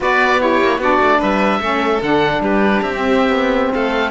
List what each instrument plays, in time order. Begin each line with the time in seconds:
0.00 cello B3, saxophone F#4, violin B4, oboe D5
0.39 saxophone E4, violin G4, oboe C#5
0.61 cello A#3
0.78 cello B3, saxophone D4, violin F#4, oboe D5
1.00 cello A3
1.19 cello G3, violin B4, oboe E5
1.60 cello A3, saxophone C#4, violin A4
2.01 cello D3, saxophone D4, oboe F#5
2.40 cello G3, violin G4, oboe B4
2.82 cello C4, oboe E5
2.94 saxophone C4
3.29 cello B3
3.73 cello A3, violin A4, oboe F5